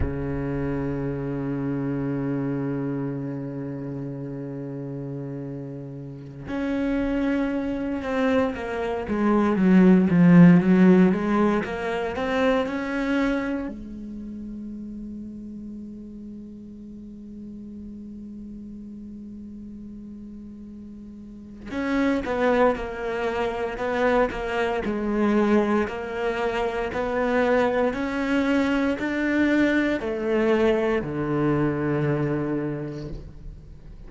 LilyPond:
\new Staff \with { instrumentName = "cello" } { \time 4/4 \tempo 4 = 58 cis1~ | cis2~ cis16 cis'4. c'16~ | c'16 ais8 gis8 fis8 f8 fis8 gis8 ais8 c'16~ | c'16 cis'4 gis2~ gis8.~ |
gis1~ | gis4 cis'8 b8 ais4 b8 ais8 | gis4 ais4 b4 cis'4 | d'4 a4 d2 | }